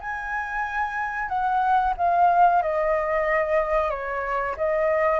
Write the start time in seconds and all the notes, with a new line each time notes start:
0.00 G#5
1.28 F#5
1.97 F5
2.62 D#5
3.90 C#5
4.57 D#5